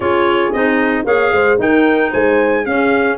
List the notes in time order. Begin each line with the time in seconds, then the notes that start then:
0.00 C#4 F4 G#4 C#5
0.52 C4 D#4 D#5
1.04 A#3 G#4 C#5 F5
1.32 G#3 C5
1.57 D#4 A#4 G5
2.10 G#3 C5 G#5
2.65 C#4 G#4 F5